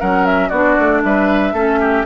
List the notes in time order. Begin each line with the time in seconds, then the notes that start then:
0.00 F#3 C#4 A#4 F#5
0.26 E5
0.49 B3 D4 F#4 D5
0.79 A3
1.04 G3 B4 E5
1.53 A3 C#4 A4
1.80 G4